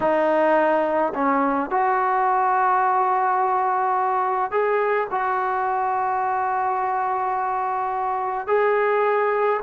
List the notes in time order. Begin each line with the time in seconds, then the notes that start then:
0.00 D#4
1.14 C#4
1.70 F#4
4.51 G#4
5.10 F#4
8.46 G#4